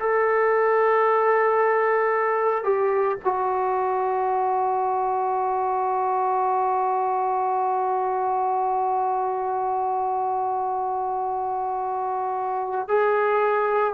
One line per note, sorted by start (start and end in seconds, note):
0.00 2.64 A4
2.64 3.18 G4
3.24 12.89 F#4
12.89 13.94 G#4